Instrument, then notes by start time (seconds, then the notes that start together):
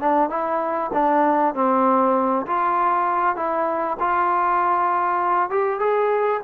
trombone
0.00 D4
0.30 E4
0.93 D4
1.54 C4
2.46 F4
3.36 E4
3.99 F4
5.50 G4
5.80 G#4